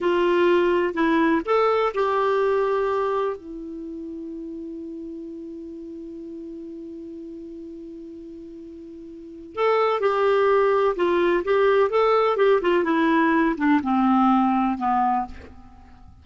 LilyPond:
\new Staff \with { instrumentName = "clarinet" } { \time 4/4 \tempo 4 = 126 f'2 e'4 a'4 | g'2. e'4~ | e'1~ | e'1~ |
e'1 | a'4 g'2 f'4 | g'4 a'4 g'8 f'8 e'4~ | e'8 d'8 c'2 b4 | }